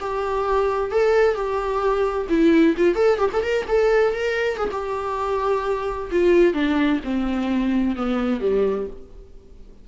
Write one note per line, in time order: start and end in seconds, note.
0.00 0.91 G4
0.91 1.35 A4
1.35 2.27 G4
2.29 2.75 E4
2.77 2.95 F4
2.95 3.18 A4
3.18 3.30 G4
3.33 3.43 A4
3.43 3.66 A#4
3.68 4.14 A4
4.14 4.57 A#4
4.57 4.69 G#4
4.72 6.10 G4
6.11 6.54 F4
6.54 7.00 D4
7.04 7.96 C4
7.96 8.41 B3
8.41 8.87 G3